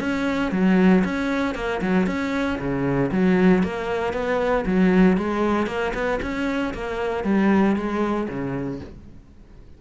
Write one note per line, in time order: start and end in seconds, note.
0.00 0.52 C#4
0.52 1.03 F#3
1.04 1.55 C#4
1.55 1.81 A#3
1.82 2.06 F#3
2.06 2.58 C#4
2.59 3.11 C#3
3.12 3.63 F#3
3.63 4.13 A#3
4.13 4.65 B3
4.66 5.17 F#3
5.17 5.67 G#3
5.67 5.93 A#3
5.94 6.20 B3
6.22 6.74 C#4
6.74 7.24 A#3
7.24 7.76 G3
7.76 8.28 G#3
8.28 8.80 C#3